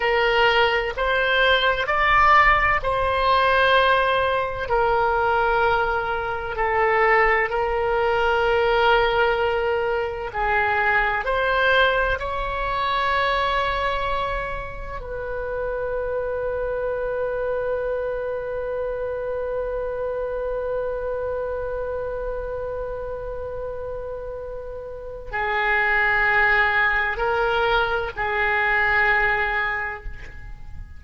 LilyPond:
\new Staff \with { instrumentName = "oboe" } { \time 4/4 \tempo 4 = 64 ais'4 c''4 d''4 c''4~ | c''4 ais'2 a'4 | ais'2. gis'4 | c''4 cis''2. |
b'1~ | b'1~ | b'2. gis'4~ | gis'4 ais'4 gis'2 | }